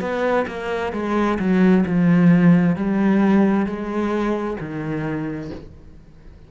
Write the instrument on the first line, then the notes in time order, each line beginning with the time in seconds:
cello
0.00 B3
0.47 A#3
0.93 G#3
1.39 F#3
1.86 F3
2.76 G3
3.66 G#3
4.60 D#3